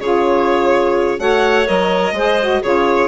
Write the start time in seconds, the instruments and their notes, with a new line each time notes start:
0.00 bassoon C#3, saxophone F4, clarinet G#4, violin C#5
1.19 bassoon A3, saxophone F#4, clarinet C#5, violin F#5
1.66 bassoon F#3, saxophone A#4, violin D#5
2.13 bassoon G#3, saxophone G#4, clarinet C5
2.41 saxophone F#4
2.62 bassoon C#3, saxophone F4, clarinet G#4, violin C#5